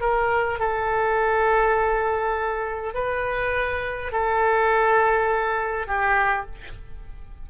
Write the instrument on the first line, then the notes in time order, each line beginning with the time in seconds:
oboe
0.00 A#4
0.59 A4
2.94 B4
4.12 A4
5.87 G4